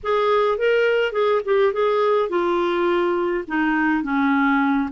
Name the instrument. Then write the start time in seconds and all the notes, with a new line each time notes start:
clarinet
0.03 G#4
0.57 A#4
1.12 G#4
1.44 G4
1.73 G#4
2.29 F4
3.47 D#4
4.03 C#4